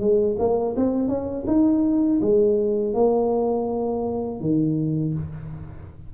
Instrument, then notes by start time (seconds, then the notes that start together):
tuba
0.00 G#3
0.39 A#3
0.76 C4
1.08 C#4
1.47 D#4
2.21 G#3
2.94 A#3
4.40 D#3